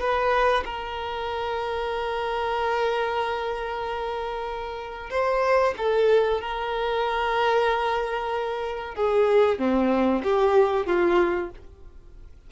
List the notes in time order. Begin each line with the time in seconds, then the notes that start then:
0.00 B4
0.65 A#4
5.10 C5
5.77 A4
6.41 A#4
8.95 G#4
9.59 C4
10.23 G4
10.86 F4